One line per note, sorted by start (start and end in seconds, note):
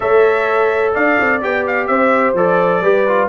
0.00 0.96 A3
0.00 1.41 A4
0.00 0.94 C#5
0.00 0.94 E5
0.94 1.19 D4
0.94 1.88 D5
0.94 1.41 F5
1.20 1.43 C4
1.41 1.88 B3
1.41 2.35 G4
1.41 1.66 G5
1.66 1.87 F5
1.87 2.34 C4
1.87 2.82 C5
1.87 2.34 E5
2.34 2.81 F3
2.34 2.83 A4
2.34 3.29 D5
2.81 3.28 G3
2.81 3.06 G4
2.81 3.29 B4
3.07 3.29 F4